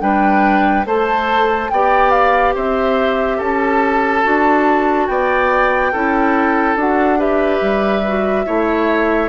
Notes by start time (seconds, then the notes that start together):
0.00 G3 D4 B4 G5
0.85 A3 A4 C5 A5
1.70 B3 G4 D5 G5
2.11 F5
2.55 C4 C5 E5
3.37 C#4 A4 A5
4.23 D4 F#4
5.07 B3 D5 G5
5.92 C#4 E4 A4
6.76 D4 F#4 F#5
7.18 G4 B4 E5
7.61 G3
8.07 F#4
8.46 A3 E4 C#5